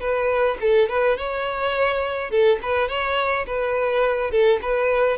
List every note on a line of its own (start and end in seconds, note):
0.00 0.57 B4
0.60 0.89 A4
0.89 1.17 B4
1.17 2.30 C#5
2.30 2.59 A4
2.62 2.88 B4
2.88 3.45 C#5
3.46 4.31 B4
4.31 4.59 A4
4.62 5.17 B4